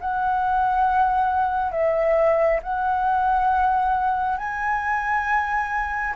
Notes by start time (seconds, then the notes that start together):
0.00 F#5
1.72 E5
2.63 F#5
4.37 G#5